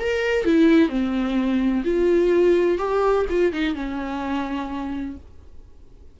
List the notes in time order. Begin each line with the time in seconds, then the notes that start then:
0.00 A#4
0.45 E4
0.89 C4
1.84 F4
2.78 G4
3.29 F4
3.53 D#4
3.75 C#4